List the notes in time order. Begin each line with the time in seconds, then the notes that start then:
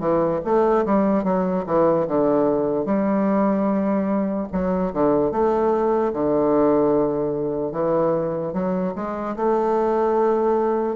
0.00 E3
0.45 A3
0.86 G3
1.24 F#3
1.67 E3
2.08 D3
2.86 G3
4.53 F#3
4.93 D3
5.32 A3
6.13 D3
7.72 E3
8.53 F#3
8.96 G#3
9.36 A3